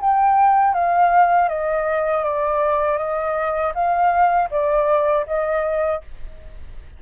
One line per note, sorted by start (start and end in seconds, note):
0.00 0.73 G5
0.73 1.48 F5
1.48 2.23 D#5
2.24 2.97 D5
2.97 3.72 D#5
3.74 4.49 F5
4.50 5.25 D5
5.26 6.01 D#5